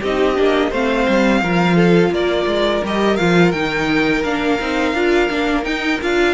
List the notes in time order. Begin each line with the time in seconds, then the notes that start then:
0.00 C4 D#4 G4 D#5
0.35 A#3 D4
0.70 A3 C4 C5 F5
1.08 G3
1.42 F3 F4 A#4
1.75 A4
2.10 A#3 A#4 D5
2.46 G#3
2.83 G3 G4 D#5
3.16 F3 F4 F5
3.51 D#3 D#4 G5
4.23 A#3 D4 F5
4.60 C4 D#4
4.93 D4 F4
5.29 A#3 D4
5.62 D#4 G5
6.01 D4 F4 F5